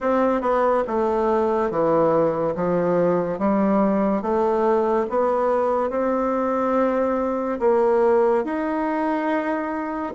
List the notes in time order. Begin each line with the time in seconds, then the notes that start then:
0.00 C4
0.41 B3
0.87 A3
1.70 E3
2.55 F3
3.38 G3
4.22 A3
5.09 B3
5.90 C4
7.59 A#3
8.44 D#4